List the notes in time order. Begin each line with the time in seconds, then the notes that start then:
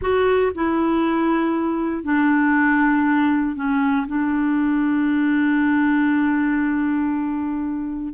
0.01 F#4
0.54 E4
2.03 D4
3.55 C#4
4.07 D4